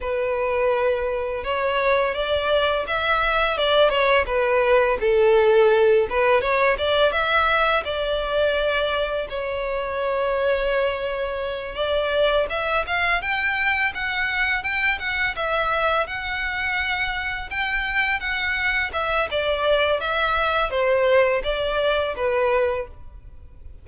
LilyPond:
\new Staff \with { instrumentName = "violin" } { \time 4/4 \tempo 4 = 84 b'2 cis''4 d''4 | e''4 d''8 cis''8 b'4 a'4~ | a'8 b'8 cis''8 d''8 e''4 d''4~ | d''4 cis''2.~ |
cis''8 d''4 e''8 f''8 g''4 fis''8~ | fis''8 g''8 fis''8 e''4 fis''4.~ | fis''8 g''4 fis''4 e''8 d''4 | e''4 c''4 d''4 b'4 | }